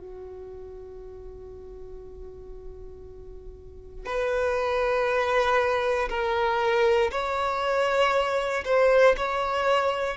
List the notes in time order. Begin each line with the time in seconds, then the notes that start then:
0.00 F#4
4.06 B4
6.10 A#4
7.12 C#5
8.65 C5
9.17 C#5